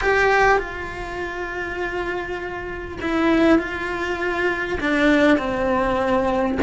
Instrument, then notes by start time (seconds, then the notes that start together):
cello
0.01 G4
0.58 F4
3.01 E4
3.58 F4
4.80 D4
5.38 C4